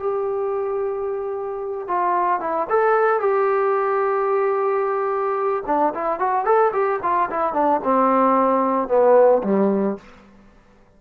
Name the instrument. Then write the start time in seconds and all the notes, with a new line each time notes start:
trombone
0.00 G4
1.88 F4
2.41 E4
2.70 A4
3.20 G4
5.67 D4
5.95 E4
6.20 F#4
6.45 A4
6.73 G4
7.03 F4
7.31 E4
7.54 D4
7.84 C4
8.88 B3
9.44 G3